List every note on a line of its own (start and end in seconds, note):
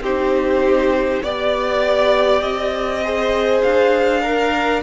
0.00 1.20 C4
0.00 1.24 D#4
0.00 1.23 G4
0.00 1.22 C5
1.22 2.41 B3
1.22 3.04 G4
1.22 2.42 D5
1.22 3.03 D5
2.41 3.61 C4
2.41 3.62 D#5
3.03 4.24 G#4
3.03 4.21 C5
3.62 4.82 D4
3.62 4.82 F5
4.21 4.81 A#4
4.21 4.82 A#4